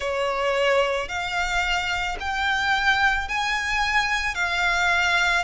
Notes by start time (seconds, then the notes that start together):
0.00 C#5
1.08 F5
2.20 G5
3.28 G#5
4.34 F5